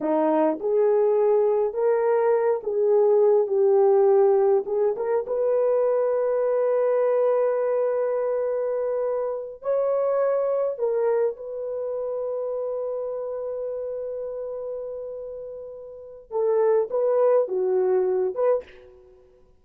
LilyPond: \new Staff \with { instrumentName = "horn" } { \time 4/4 \tempo 4 = 103 dis'4 gis'2 ais'4~ | ais'8 gis'4. g'2 | gis'8 ais'8 b'2.~ | b'1~ |
b'8 cis''2 ais'4 b'8~ | b'1~ | b'1 | a'4 b'4 fis'4. b'8 | }